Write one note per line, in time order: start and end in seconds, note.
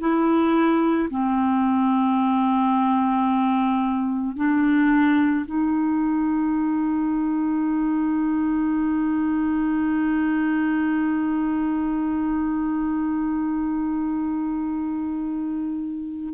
0.00 1.09 E4
1.10 4.36 C4
4.36 5.45 D4
5.45 16.34 D#4